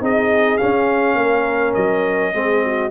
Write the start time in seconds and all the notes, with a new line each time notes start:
0.00 C4 D#4 G#4 D#5
0.57 C#4 F5
1.15 A#3 A#4
1.74 F#3 D#5
2.33 G#3 C4 G#4
2.64 F#4